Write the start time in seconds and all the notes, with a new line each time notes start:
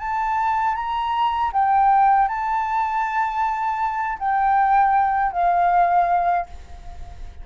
0.00 A5
0.76 A#5
1.53 G5
2.29 A5
4.20 G5
5.33 F5